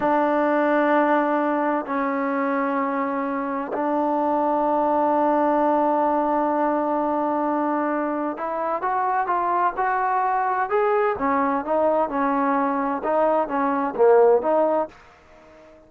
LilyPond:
\new Staff \with { instrumentName = "trombone" } { \time 4/4 \tempo 4 = 129 d'1 | cis'1 | d'1~ | d'1~ |
d'2 e'4 fis'4 | f'4 fis'2 gis'4 | cis'4 dis'4 cis'2 | dis'4 cis'4 ais4 dis'4 | }